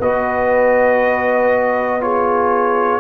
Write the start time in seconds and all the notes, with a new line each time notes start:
0.00 B3 F#4 B4 D#5
2.01 F4 G#4 C#5